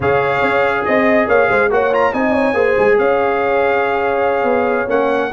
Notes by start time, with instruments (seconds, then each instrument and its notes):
0.00 tuba C#3, trombone G#4, horn C#5, trumpet F5
0.41 tuba C#4
0.85 tuba C4, trumpet D#5, horn D#5
1.27 tuba A#3, horn C#5, trumpet F5
1.49 tuba G#3, horn C5
1.70 tuba A#3, trombone F#4, horn C#5, trumpet F#5
1.92 trombone F4, trumpet A#5
2.12 tuba C4, trombone D#4, horn D#5, trumpet G#5
2.33 horn C#5
2.53 tuba A#3, trombone G#4, horn C5
2.78 tuba G#3
2.98 tuba C#4, horn C#5, trumpet F5
4.43 tuba B3
4.87 tuba A#3, trombone C#4, trumpet F#5